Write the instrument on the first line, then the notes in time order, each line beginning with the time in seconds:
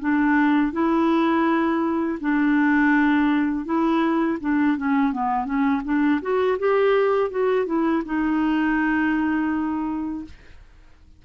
clarinet
0.00 D4
0.73 E4
2.21 D4
3.65 E4
4.41 D4
4.78 C#4
5.13 B3
5.45 C#4
5.84 D4
6.22 F#4
6.59 G4
7.30 F#4
7.66 E4
8.06 D#4